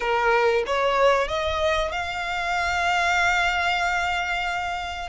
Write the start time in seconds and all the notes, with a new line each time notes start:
0.00 A#4
0.66 C#5
1.28 D#5
1.91 F5